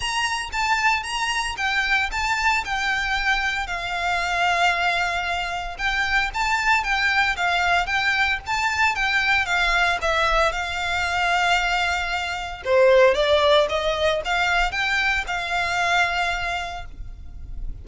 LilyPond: \new Staff \with { instrumentName = "violin" } { \time 4/4 \tempo 4 = 114 ais''4 a''4 ais''4 g''4 | a''4 g''2 f''4~ | f''2. g''4 | a''4 g''4 f''4 g''4 |
a''4 g''4 f''4 e''4 | f''1 | c''4 d''4 dis''4 f''4 | g''4 f''2. | }